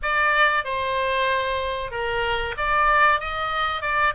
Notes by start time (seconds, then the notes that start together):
0.02 D5
0.64 C5
1.91 A#4
2.57 D5
3.20 D#5
3.82 D5